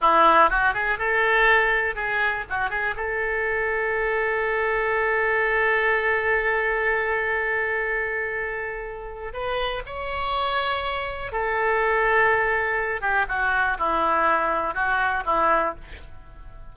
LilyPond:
\new Staff \with { instrumentName = "oboe" } { \time 4/4 \tempo 4 = 122 e'4 fis'8 gis'8 a'2 | gis'4 fis'8 gis'8 a'2~ | a'1~ | a'1~ |
a'2. b'4 | cis''2. a'4~ | a'2~ a'8 g'8 fis'4 | e'2 fis'4 e'4 | }